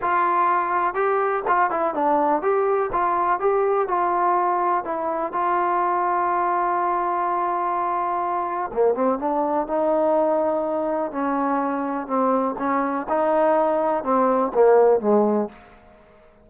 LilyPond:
\new Staff \with { instrumentName = "trombone" } { \time 4/4 \tempo 4 = 124 f'2 g'4 f'8 e'8 | d'4 g'4 f'4 g'4 | f'2 e'4 f'4~ | f'1~ |
f'2 ais8 c'8 d'4 | dis'2. cis'4~ | cis'4 c'4 cis'4 dis'4~ | dis'4 c'4 ais4 gis4 | }